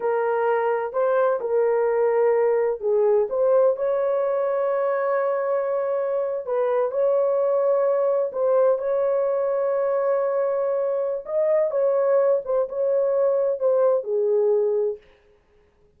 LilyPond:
\new Staff \with { instrumentName = "horn" } { \time 4/4 \tempo 4 = 128 ais'2 c''4 ais'4~ | ais'2 gis'4 c''4 | cis''1~ | cis''4.~ cis''16 b'4 cis''4~ cis''16~ |
cis''4.~ cis''16 c''4 cis''4~ cis''16~ | cis''1 | dis''4 cis''4. c''8 cis''4~ | cis''4 c''4 gis'2 | }